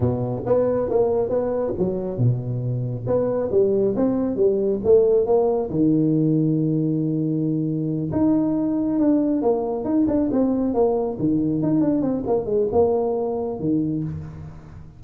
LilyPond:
\new Staff \with { instrumentName = "tuba" } { \time 4/4 \tempo 4 = 137 b,4 b4 ais4 b4 | fis4 b,2 b4 | g4 c'4 g4 a4 | ais4 dis2.~ |
dis2~ dis8 dis'4.~ | dis'8 d'4 ais4 dis'8 d'8 c'8~ | c'8 ais4 dis4 dis'8 d'8 c'8 | ais8 gis8 ais2 dis4 | }